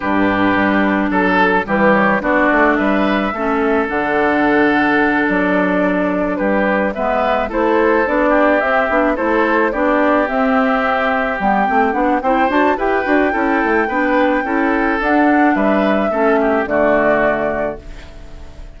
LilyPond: <<
  \new Staff \with { instrumentName = "flute" } { \time 4/4 \tempo 4 = 108 b'2 a'4 b'8 cis''8 | d''4 e''2 fis''4~ | fis''4. d''2 b'8~ | b'8 e''4 c''4 d''4 e''8~ |
e''8 c''4 d''4 e''4.~ | e''8 g''4 fis''8 g''8 a''8 g''4~ | g''2. fis''4 | e''2 d''2 | }
  \new Staff \with { instrumentName = "oboe" } { \time 4/4 g'2 a'4 g'4 | fis'4 b'4 a'2~ | a'2.~ a'8 g'8~ | g'8 b'4 a'4. g'4~ |
g'8 a'4 g'2~ g'8~ | g'2 c''4 b'4 | a'4 b'4 a'2 | b'4 a'8 g'8 fis'2 | }
  \new Staff \with { instrumentName = "clarinet" } { \time 4/4 d'2. g4 | d'2 cis'4 d'4~ | d'1~ | d'8 b4 e'4 d'4 c'8 |
d'8 e'4 d'4 c'4.~ | c'8 b8 c'8 d'8 e'8 fis'8 g'8 fis'8 | e'4 d'4 e'4 d'4~ | d'4 cis'4 a2 | }
  \new Staff \with { instrumentName = "bassoon" } { \time 4/4 g,4 g4 fis4 e4 | b8 a8 g4 a4 d4~ | d4. fis2 g8~ | g8 gis4 a4 b4 c'8 |
b8 a4 b4 c'4.~ | c'8 g8 a8 b8 c'8 d'8 e'8 d'8 | cis'8 a8 b4 cis'4 d'4 | g4 a4 d2 | }
>>